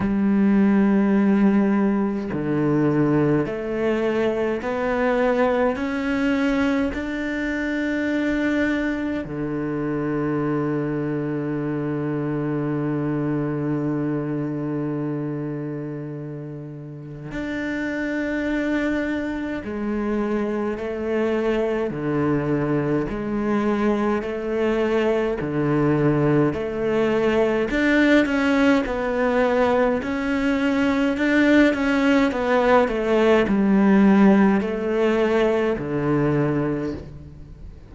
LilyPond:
\new Staff \with { instrumentName = "cello" } { \time 4/4 \tempo 4 = 52 g2 d4 a4 | b4 cis'4 d'2 | d1~ | d2. d'4~ |
d'4 gis4 a4 d4 | gis4 a4 d4 a4 | d'8 cis'8 b4 cis'4 d'8 cis'8 | b8 a8 g4 a4 d4 | }